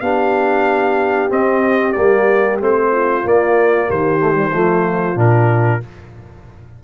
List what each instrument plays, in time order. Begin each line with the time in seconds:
0.00 tuba B3, trombone D4, horn G4, trumpet F5
1.29 trombone C4, tuba C4, trumpet D#5
1.92 tuba G3, trombone A#3, trumpet D5
2.60 tuba A3, trombone C4, trumpet C5
2.91 horn F4
3.24 trombone A#3, tuba A#3, trumpet D5
3.89 tuba D#3, horn G4, trumpet C5
4.19 trombone A3
4.34 trombone G3
4.52 tuba F3, trombone A3, horn F4
5.15 tuba A#2, trombone D4, trumpet A#4